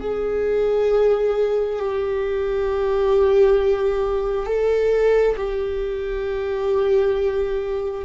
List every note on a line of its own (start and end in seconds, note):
0.00 1.79 G#4
1.79 4.46 G4
4.46 5.35 A4
5.36 8.05 G4